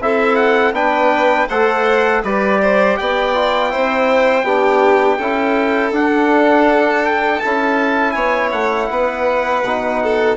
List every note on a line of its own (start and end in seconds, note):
0.00 0.72 C4
0.00 0.74 E4
0.00 0.75 A4
0.00 0.35 E5
0.35 0.73 F#5
0.72 1.46 B3
0.72 1.48 D4
0.72 1.48 B4
0.72 1.48 G5
1.48 2.23 A3
1.48 2.24 A4
1.48 2.22 C5
1.48 2.23 F#5
2.23 2.97 G3
2.23 3.34 G4
2.23 2.61 B4
2.23 2.96 D5
2.62 2.99 C5
2.96 3.74 B3
2.96 3.71 D5
2.96 5.93 G5
3.34 3.70 F4
3.70 4.43 C4
3.70 4.44 E4
3.70 4.45 C5
4.43 5.17 B3
4.43 5.19 D4
4.43 5.18 G4
5.18 5.92 C#4
5.18 5.93 E4
5.18 8.14 A4
5.92 7.40 D4
5.92 7.41 D4
5.92 7.05 F#5
7.05 7.40 G5
7.40 8.15 C#4
7.40 9.64 E4
7.40 8.11 A5
8.11 8.52 B3
8.11 8.89 C#5
8.11 8.48 G#5
8.51 8.89 A3
8.51 10.36 F#5
8.90 9.62 B3
8.90 10.03 B4
9.62 10.36 B2
9.62 10.36 D#4
10.03 10.36 A4